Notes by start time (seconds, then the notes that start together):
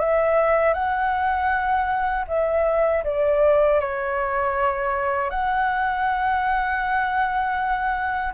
0.00 E5
0.74 F#5
2.28 E5
3.04 D5
3.80 C#5
5.30 F#5